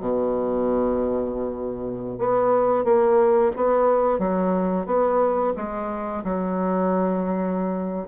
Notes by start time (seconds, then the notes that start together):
0.00 B2
2.18 B3
2.84 A#3
3.56 B3
4.19 F#3
4.86 B3
5.56 G#3
6.24 F#3